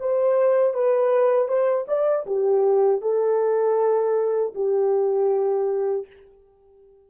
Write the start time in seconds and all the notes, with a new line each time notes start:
0.00 C5
0.74 B4
1.48 C5
1.88 D5
2.26 G4
3.02 A4
4.55 G4